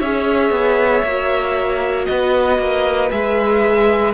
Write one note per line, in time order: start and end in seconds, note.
0.00 0.51 C#4
0.00 1.06 G#4
0.00 2.07 C#5
0.00 2.06 E5
0.51 1.02 B3
1.03 2.07 A#3
1.03 3.10 F#4
2.06 2.59 B3
2.06 4.15 B4
2.06 3.09 D#5
2.59 3.11 A#3
3.10 4.15 G#3
3.10 4.14 G#4
3.10 4.15 E5